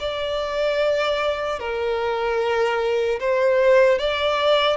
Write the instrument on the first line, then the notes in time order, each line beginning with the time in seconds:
violin
0.00 D5
1.60 A#4
3.20 C5
3.99 D5